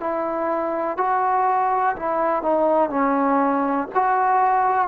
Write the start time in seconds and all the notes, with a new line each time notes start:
0.00 E4
0.97 F#4
1.96 E4
2.42 D#4
2.89 C#4
3.94 F#4